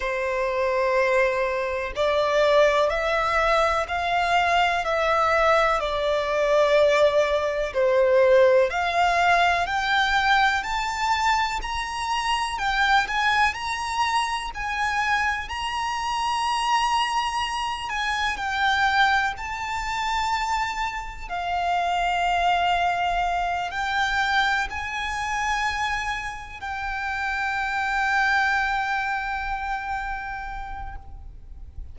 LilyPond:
\new Staff \with { instrumentName = "violin" } { \time 4/4 \tempo 4 = 62 c''2 d''4 e''4 | f''4 e''4 d''2 | c''4 f''4 g''4 a''4 | ais''4 g''8 gis''8 ais''4 gis''4 |
ais''2~ ais''8 gis''8 g''4 | a''2 f''2~ | f''8 g''4 gis''2 g''8~ | g''1 | }